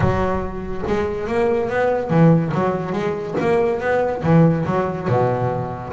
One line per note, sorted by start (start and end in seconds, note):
0.00 0.82 F#3
0.87 1.27 G#3
1.27 1.69 A#3
1.69 2.10 B3
2.10 2.52 E3
2.54 2.92 F#3
2.92 3.34 G#3
3.40 3.80 A#3
3.80 4.22 B3
4.23 4.65 E3
4.65 5.07 F#3
5.08 5.92 B2